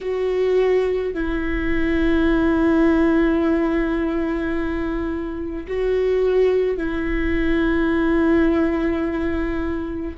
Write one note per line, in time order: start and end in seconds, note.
0.01 1.14 F#4
1.14 5.67 E4
5.67 6.77 F#4
6.77 10.16 E4